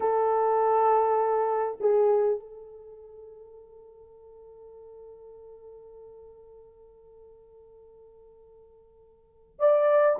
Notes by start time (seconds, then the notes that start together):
0.00 A4
1.80 G#4
2.39 A4
9.59 D5